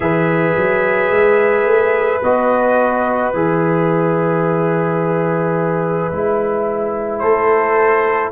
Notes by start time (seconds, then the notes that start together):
0.00 E3 G#4 B4 E5
0.56 F#3
1.10 G#3
1.65 A3
2.22 B3 F#4 D#5
3.33 E3 G#4 E5
6.11 G#3 E4
7.19 A3 A4 C5